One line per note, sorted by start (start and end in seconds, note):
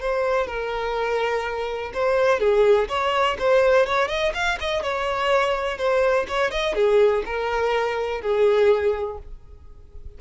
0.00 0.47 C5
0.47 1.92 A#4
1.94 2.40 C5
2.40 2.88 G#4
2.89 3.37 C#5
3.39 3.86 C5
3.86 4.08 C#5
4.08 4.32 D#5
4.34 4.58 F5
4.60 4.82 D#5
4.82 5.78 C#5
5.78 6.26 C5
6.28 6.51 C#5
6.51 6.75 D#5
6.75 7.23 G#4
7.25 8.21 A#4
8.21 9.18 G#4